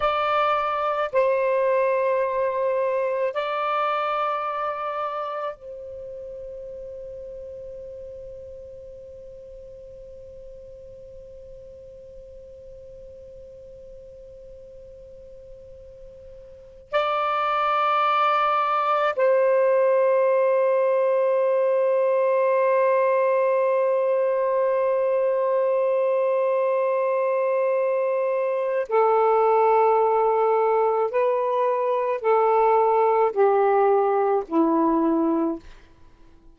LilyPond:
\new Staff \with { instrumentName = "saxophone" } { \time 4/4 \tempo 4 = 54 d''4 c''2 d''4~ | d''4 c''2.~ | c''1~ | c''2.~ c''16 d''8.~ |
d''4~ d''16 c''2~ c''8.~ | c''1~ | c''2 a'2 | b'4 a'4 g'4 e'4 | }